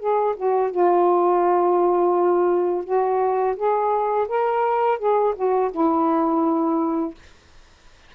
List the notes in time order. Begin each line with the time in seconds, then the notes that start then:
0.00 G#4
0.37 F#4
0.71 F4
2.85 F#4
3.56 G#4
4.29 A#4
4.99 G#4
5.36 F#4
5.72 E4